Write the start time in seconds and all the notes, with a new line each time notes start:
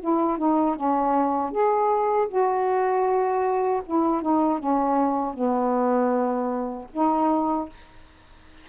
0.00 E4
0.38 D#4
0.76 C#4
1.51 G#4
2.29 F#4
3.86 E4
4.22 D#4
4.59 C#4
5.34 B3
6.93 D#4